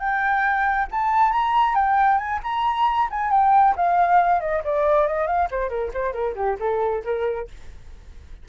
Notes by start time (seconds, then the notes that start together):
0.00 G5
0.91 A5
1.32 A#5
1.75 G5
2.18 G#5
2.43 A#5
3.11 G#5
3.31 G5
3.76 F5
4.41 D#5
4.64 D5
5.07 D#5
5.27 F5
5.51 C5
5.70 A#4
5.94 C5
6.13 A#4
6.35 G4
6.60 A4
7.05 A#4